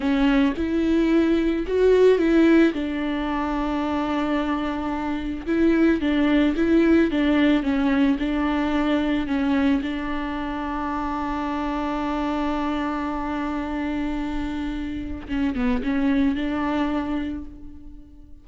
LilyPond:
\new Staff \with { instrumentName = "viola" } { \time 4/4 \tempo 4 = 110 cis'4 e'2 fis'4 | e'4 d'2.~ | d'2 e'4 d'4 | e'4 d'4 cis'4 d'4~ |
d'4 cis'4 d'2~ | d'1~ | d'1 | cis'8 b8 cis'4 d'2 | }